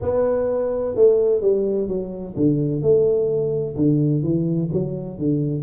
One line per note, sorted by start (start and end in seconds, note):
0.01 0.95 B3
0.95 1.41 A3
1.41 1.87 G3
1.87 2.34 F#3
2.36 2.81 D3
2.81 3.75 A3
3.75 4.22 D3
4.22 4.69 E3
4.72 5.18 F#3
5.18 5.62 D3